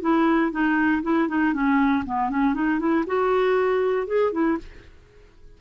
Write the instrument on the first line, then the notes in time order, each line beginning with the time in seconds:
clarinet
0.00 E4
0.51 D#4
1.02 E4
1.28 D#4
1.53 C#4
2.05 B3
2.30 C#4
2.54 D#4
2.79 E4
3.06 F#4
4.06 G#4
4.32 E4